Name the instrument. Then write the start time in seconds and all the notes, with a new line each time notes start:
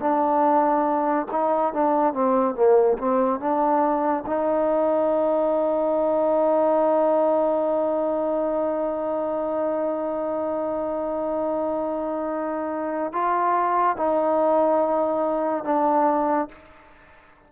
trombone
0.00 D4
1.31 D#4
1.74 D4
2.14 C4
2.55 A#3
2.98 C4
3.40 D4
4.26 D#4
13.13 F4
13.97 D#4
15.65 D4